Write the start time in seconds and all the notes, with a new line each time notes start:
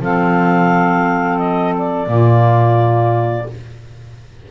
0.00 F3 C4 A4 F5
1.38 D#5
1.78 D5
2.07 A#2 A#3 F4